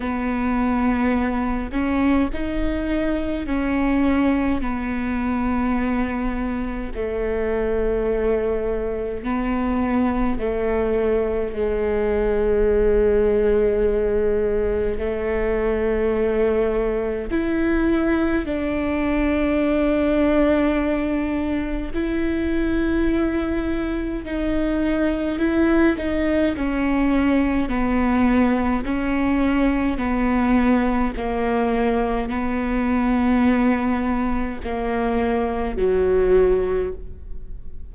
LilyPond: \new Staff \with { instrumentName = "viola" } { \time 4/4 \tempo 4 = 52 b4. cis'8 dis'4 cis'4 | b2 a2 | b4 a4 gis2~ | gis4 a2 e'4 |
d'2. e'4~ | e'4 dis'4 e'8 dis'8 cis'4 | b4 cis'4 b4 ais4 | b2 ais4 fis4 | }